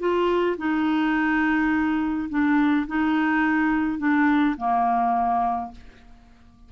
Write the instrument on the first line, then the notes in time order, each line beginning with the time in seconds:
clarinet
0.00 F4
0.58 D#4
2.30 D4
2.88 D#4
3.99 D4
4.58 A#3